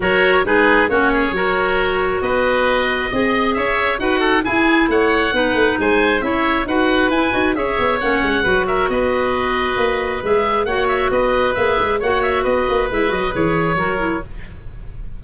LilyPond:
<<
  \new Staff \with { instrumentName = "oboe" } { \time 4/4 \tempo 4 = 135 cis''4 b'4 cis''2~ | cis''4 dis''2. | e''4 fis''4 gis''4 fis''4~ | fis''4 gis''4 e''4 fis''4 |
gis''4 e''4 fis''4. e''8 | dis''2. e''4 | fis''8 e''8 dis''4 e''4 fis''8 e''8 | dis''4 e''8 dis''8 cis''2 | }
  \new Staff \with { instrumentName = "oboe" } { \time 4/4 ais'4 gis'4 fis'8 gis'8 ais'4~ | ais'4 b'2 dis''4 | cis''4 b'8 a'8 gis'4 cis''4 | b'4 c''4 cis''4 b'4~ |
b'4 cis''2 b'8 ais'8 | b'1 | cis''4 b'2 cis''4 | b'2. ais'4 | }
  \new Staff \with { instrumentName = "clarinet" } { \time 4/4 fis'4 dis'4 cis'4 fis'4~ | fis'2. gis'4~ | gis'4 fis'4 e'2 | dis'2 e'4 fis'4 |
e'8 fis'8 gis'4 cis'4 fis'4~ | fis'2. gis'4 | fis'2 gis'4 fis'4~ | fis'4 e'8 fis'8 gis'4 fis'8 e'8 | }
  \new Staff \with { instrumentName = "tuba" } { \time 4/4 fis4 gis4 ais4 fis4~ | fis4 b2 c'4 | cis'4 dis'4 e'4 a4 | b8 a8 gis4 cis'4 dis'4 |
e'8 dis'8 cis'8 b8 ais8 gis8 fis4 | b2 ais4 gis4 | ais4 b4 ais8 gis8 ais4 | b8 ais8 gis8 fis8 e4 fis4 | }
>>